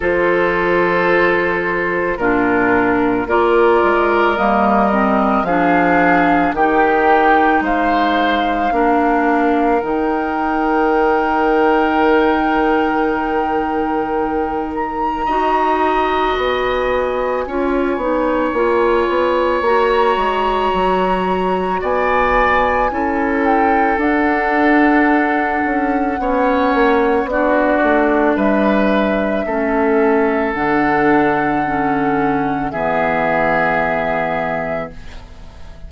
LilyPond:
<<
  \new Staff \with { instrumentName = "flute" } { \time 4/4 \tempo 4 = 55 c''2 ais'4 d''4 | dis''4 f''4 g''4 f''4~ | f''4 g''2.~ | g''4. ais''4. gis''4~ |
gis''2 ais''2 | gis''4. g''8 fis''2~ | fis''4 d''4 e''2 | fis''2 e''2 | }
  \new Staff \with { instrumentName = "oboe" } { \time 4/4 a'2 f'4 ais'4~ | ais'4 gis'4 g'4 c''4 | ais'1~ | ais'2 dis''2 |
cis''1 | d''4 a'2. | cis''4 fis'4 b'4 a'4~ | a'2 gis'2 | }
  \new Staff \with { instrumentName = "clarinet" } { \time 4/4 f'2 d'4 f'4 | ais8 c'8 d'4 dis'2 | d'4 dis'2.~ | dis'2 fis'2 |
f'8 dis'8 f'4 fis'2~ | fis'4 e'4 d'2 | cis'4 d'2 cis'4 | d'4 cis'4 b2 | }
  \new Staff \with { instrumentName = "bassoon" } { \time 4/4 f2 ais,4 ais8 gis8 | g4 f4 dis4 gis4 | ais4 dis2.~ | dis2 dis'4 b4 |
cis'8 b8 ais8 b8 ais8 gis8 fis4 | b4 cis'4 d'4. cis'8 | b8 ais8 b8 a8 g4 a4 | d2 e2 | }
>>